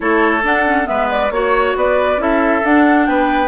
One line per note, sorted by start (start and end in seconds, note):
0.00 0.43 A3
0.00 0.42 E4
0.00 0.89 A4
0.00 0.44 C#5
0.42 0.64 D4
0.42 0.87 D4
0.42 0.87 F#5
0.65 0.84 C#4
0.84 1.30 G#3
0.84 1.28 B3
0.84 1.32 B4
0.84 1.09 E5
1.10 1.31 D5
1.30 1.74 A#3
1.30 2.18 F#4
1.30 1.74 C#5
1.30 1.77 C#5
1.75 2.17 B3
1.75 2.21 B4
1.75 2.21 D5
2.17 2.60 C#4
2.17 2.61 E4
2.17 3.08 A4
2.17 2.65 E5
2.63 3.47 D4
2.63 3.07 D4
2.63 3.05 F#5
3.05 3.47 B3
3.05 3.47 B4
3.05 3.47 G5